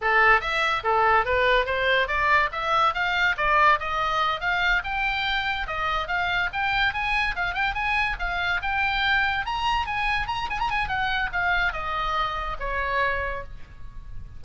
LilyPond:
\new Staff \with { instrumentName = "oboe" } { \time 4/4 \tempo 4 = 143 a'4 e''4 a'4 b'4 | c''4 d''4 e''4 f''4 | d''4 dis''4. f''4 g''8~ | g''4. dis''4 f''4 g''8~ |
g''8 gis''4 f''8 g''8 gis''4 f''8~ | f''8 g''2 ais''4 gis''8~ | gis''8 ais''8 gis''16 ais''16 gis''8 fis''4 f''4 | dis''2 cis''2 | }